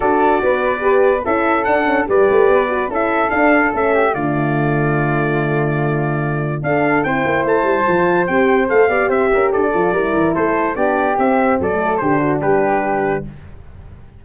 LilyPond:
<<
  \new Staff \with { instrumentName = "trumpet" } { \time 4/4 \tempo 4 = 145 d''2. e''4 | fis''4 d''2 e''4 | f''4 e''4 d''2~ | d''1 |
f''4 g''4 a''2 | g''4 f''4 e''4 d''4~ | d''4 c''4 d''4 e''4 | d''4 c''4 b'2 | }
  \new Staff \with { instrumentName = "flute" } { \time 4/4 a'4 b'2 a'4~ | a'4 b'2 a'4~ | a'4. g'8 f'2~ | f'1 |
a'4 c''2.~ | c''4. d''8 c''8 ais'8 a'4 | ais'4 a'4 g'2 | a'4 g'8 fis'8 g'2 | }
  \new Staff \with { instrumentName = "horn" } { \time 4/4 fis'2 g'4 e'4 | d'8 cis'8 g'4. fis'8 e'4 | d'4 cis'4 a2~ | a1 |
d'4 e'2 f'4 | g'4 a'8 g'2 f'8 | e'2 d'4 c'4~ | c'16 a8. d'2. | }
  \new Staff \with { instrumentName = "tuba" } { \time 4/4 d'4 b2 cis'4 | d'4 g8 a8 b4 cis'4 | d'4 a4 d2~ | d1 |
d'4 c'8 ais8 a8 g8 f4 | c'4 a8 b8 c'8 cis'8 d'8 f8 | g8 e8 a4 b4 c'4 | fis4 d4 g2 | }
>>